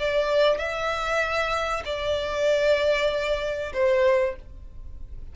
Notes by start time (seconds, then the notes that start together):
0.00 D5
0.59 E5
1.86 D5
3.74 C5